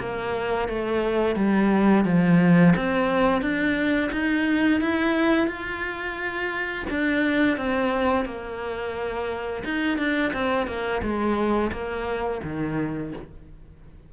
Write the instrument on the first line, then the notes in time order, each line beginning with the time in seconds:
cello
0.00 A#3
0.69 A3
1.36 G3
2.05 F3
2.76 C4
3.42 D4
4.13 D#4
4.82 E4
5.48 F4
6.90 D4
7.58 C4
8.26 A#3
9.65 D#4
9.98 D4
10.34 C4
10.67 A#3
11.03 G#3
11.72 A#3
12.44 D#3